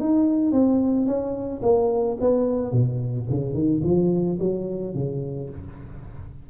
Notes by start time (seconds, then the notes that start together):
0.00 D#4
0.52 C4
1.06 C#4
1.62 A#3
2.20 B3
2.72 B2
3.30 C#3
3.54 D#3
3.84 F3
4.39 F#3
4.94 C#3